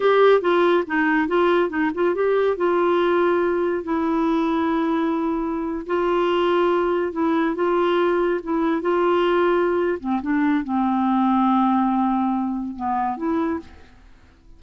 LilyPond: \new Staff \with { instrumentName = "clarinet" } { \time 4/4 \tempo 4 = 141 g'4 f'4 dis'4 f'4 | dis'8 f'8 g'4 f'2~ | f'4 e'2.~ | e'4.~ e'16 f'2~ f'16~ |
f'8. e'4 f'2 e'16~ | e'8. f'2~ f'8. c'8 | d'4 c'2.~ | c'2 b4 e'4 | }